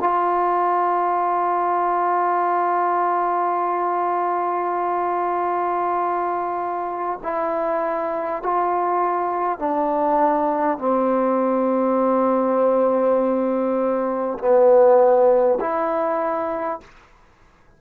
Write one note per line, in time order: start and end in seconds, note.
0.00 7.20 F4
7.23 8.43 E4
8.43 9.59 F4
9.59 10.78 D4
10.78 14.38 C4
14.38 15.58 B3
15.60 16.80 E4